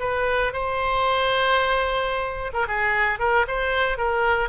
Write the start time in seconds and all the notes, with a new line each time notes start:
0.00 B4
0.53 C5
2.53 A#4
2.68 G#4
3.20 A#4
3.48 C5
3.98 A#4